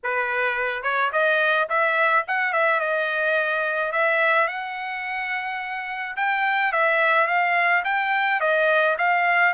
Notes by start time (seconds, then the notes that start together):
0.03 B4
0.82 C#5
1.12 D#5
1.69 E5
2.27 F#5
2.52 E5
2.80 D#5
3.92 E5
4.47 F#5
6.16 G5
6.72 E5
7.27 F5
7.84 G5
8.40 D#5
8.98 F5